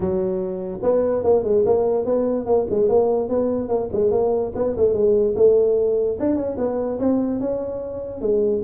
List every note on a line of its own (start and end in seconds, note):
0.00 0.79 F#3
0.82 1.23 B3
1.23 1.43 A#3
1.43 1.64 G#3
1.65 2.05 A#3
2.05 2.46 B3
2.46 2.66 A#3
2.70 2.88 G#3
2.88 3.28 A#3
3.28 3.68 B3
3.68 3.89 A#3
3.92 4.11 G#3
4.11 4.52 A#3
4.55 4.75 B3
4.76 4.93 A3
4.93 5.34 G#3
5.35 6.18 A3
6.19 6.35 D4
6.35 6.56 C#4
6.57 6.98 B3
6.99 7.40 C4
7.40 8.21 C#4
8.21 8.62 G#3